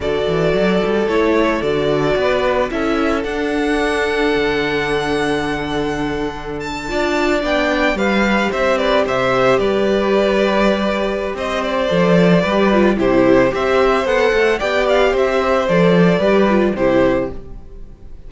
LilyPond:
<<
  \new Staff \with { instrumentName = "violin" } { \time 4/4 \tempo 4 = 111 d''2 cis''4 d''4~ | d''4 e''4 fis''2~ | fis''1~ | fis''16 a''4. g''4 f''4 e''16~ |
e''16 d''8 e''4 d''2~ d''16~ | d''4 dis''8 d''2~ d''8 | c''4 e''4 fis''4 g''8 f''8 | e''4 d''2 c''4 | }
  \new Staff \with { instrumentName = "violin" } { \time 4/4 a'1 | b'4 a'2.~ | a'1~ | a'8. d''2 b'4 c''16~ |
c''16 b'8 c''4 b'2~ b'16~ | b'4 c''2 b'4 | g'4 c''2 d''4 | c''2 b'4 g'4 | }
  \new Staff \with { instrumentName = "viola" } { \time 4/4 fis'2 e'4 fis'4~ | fis'4 e'4 d'2~ | d'1~ | d'8. f'4 d'4 g'4~ g'16~ |
g'1~ | g'2 a'4 g'8 f'8 | e'4 g'4 a'4 g'4~ | g'4 a'4 g'8 f'8 e'4 | }
  \new Staff \with { instrumentName = "cello" } { \time 4/4 d8 e8 fis8 g8 a4 d4 | b4 cis'4 d'2 | d1~ | d8. d'4 b4 g4 c'16~ |
c'8. c4 g2~ g16~ | g4 c'4 f4 g4 | c4 c'4 b8 a8 b4 | c'4 f4 g4 c4 | }
>>